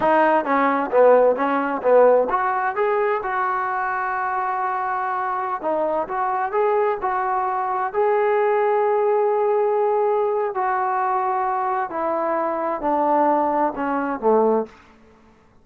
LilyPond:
\new Staff \with { instrumentName = "trombone" } { \time 4/4 \tempo 4 = 131 dis'4 cis'4 b4 cis'4 | b4 fis'4 gis'4 fis'4~ | fis'1~ | fis'16 dis'4 fis'4 gis'4 fis'8.~ |
fis'4~ fis'16 gis'2~ gis'8.~ | gis'2. fis'4~ | fis'2 e'2 | d'2 cis'4 a4 | }